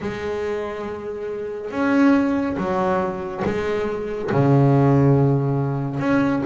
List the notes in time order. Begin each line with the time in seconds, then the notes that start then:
0.00 G#3
1.70 C#4
2.57 F#3
3.44 G#3
4.31 C#3
5.99 C#4